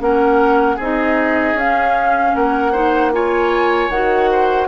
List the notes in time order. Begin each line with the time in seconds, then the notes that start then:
0.00 A#3 C#4 A#4 F#5
0.76 C4 D#4 G#4
0.82 D#5
1.54 C#4 F5
2.35 A#3 A#4 F#5
2.72 D#4 C5
3.12 F4 C#5 G#5
3.89 D#3 F#4 F#5
4.31 C5